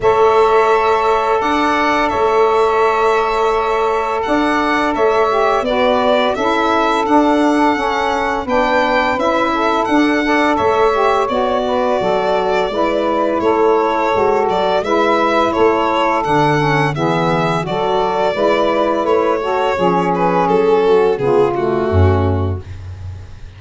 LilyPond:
<<
  \new Staff \with { instrumentName = "violin" } { \time 4/4 \tempo 4 = 85 e''2 fis''4 e''4~ | e''2 fis''4 e''4 | d''4 e''4 fis''2 | g''4 e''4 fis''4 e''4 |
d''2. cis''4~ | cis''8 d''8 e''4 cis''4 fis''4 | e''4 d''2 cis''4~ | cis''8 b'8 a'4 gis'8 fis'4. | }
  \new Staff \with { instrumentName = "saxophone" } { \time 4/4 cis''2 d''4 cis''4~ | cis''2 d''4 cis''4 | b'4 a'2. | b'4. a'4 d''8 cis''4~ |
cis''8 b'8 a'4 b'4 a'4~ | a'4 b'4 a'2 | gis'4 a'4 b'4. a'8 | gis'4. fis'8 f'4 cis'4 | }
  \new Staff \with { instrumentName = "saxophone" } { \time 4/4 a'1~ | a'2.~ a'8 g'8 | fis'4 e'4 d'4 cis'4 | d'4 e'4 d'8 a'4 g'8 |
fis'2 e'2 | fis'4 e'2 d'8 cis'8 | b4 fis'4 e'4. fis'8 | cis'2 b8 a4. | }
  \new Staff \with { instrumentName = "tuba" } { \time 4/4 a2 d'4 a4~ | a2 d'4 a4 | b4 cis'4 d'4 cis'4 | b4 cis'4 d'4 a4 |
b4 fis4 gis4 a4 | gis8 fis8 gis4 a4 d4 | e4 fis4 gis4 a4 | f4 fis4 cis4 fis,4 | }
>>